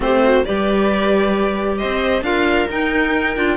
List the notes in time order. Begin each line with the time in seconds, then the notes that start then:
0.00 A3 C4 G4 C5
0.23 F#4
0.44 G3 G4 B4 D5
1.78 C4 C5 D#5
2.21 D4 F4 A#4 F5
2.69 D#4 G5
3.36 D4 F4